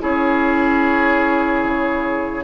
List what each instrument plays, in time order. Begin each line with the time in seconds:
0.00 bassoon C#4, clarinet E4, oboe G#4, flute C#5
1.64 bassoon C#3